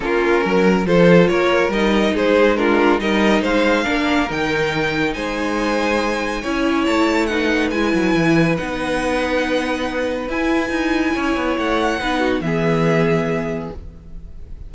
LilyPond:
<<
  \new Staff \with { instrumentName = "violin" } { \time 4/4 \tempo 4 = 140 ais'2 c''4 cis''4 | dis''4 c''4 ais'4 dis''4 | f''2 g''2 | gis''1 |
a''4 fis''4 gis''2 | fis''1 | gis''2. fis''4~ | fis''4 e''2. | }
  \new Staff \with { instrumentName = "violin" } { \time 4/4 f'4 ais'4 a'4 ais'4~ | ais'4 gis'4 f'4 ais'4 | c''4 ais'2. | c''2. cis''4~ |
cis''4 b'2.~ | b'1~ | b'2 cis''2 | b'8 fis'8 gis'2. | }
  \new Staff \with { instrumentName = "viola" } { \time 4/4 cis'2 f'2 | dis'2 d'4 dis'4~ | dis'4 d'4 dis'2~ | dis'2. e'4~ |
e'4 dis'4 e'2 | dis'1 | e'1 | dis'4 b2. | }
  \new Staff \with { instrumentName = "cello" } { \time 4/4 ais4 fis4 f4 ais4 | g4 gis2 g4 | gis4 ais4 dis2 | gis2. cis'4 |
a2 gis8 fis8 e4 | b1 | e'4 dis'4 cis'8 b8 a4 | b4 e2. | }
>>